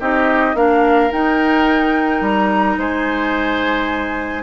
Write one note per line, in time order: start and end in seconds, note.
0.00 0.54 C4
0.00 0.55 D#4
0.00 0.56 G4
0.00 0.56 D#5
0.54 1.09 A#3
0.54 1.11 D4
0.54 2.78 A#4
0.54 1.12 F5
1.11 4.43 D#4
1.11 2.21 D#4
1.11 2.23 G5
2.21 2.76 G3
2.21 2.79 A#5
2.77 4.43 G#3
2.77 4.43 C5
2.77 4.43 G#5